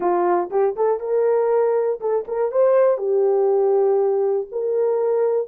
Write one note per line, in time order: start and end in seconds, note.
0.00 0.50 F4
0.50 0.75 G4
0.76 1.00 A4
1.00 2.00 A#4
2.00 2.25 A4
2.27 2.51 A#4
2.51 2.97 C5
2.97 4.47 G4
4.51 5.47 A#4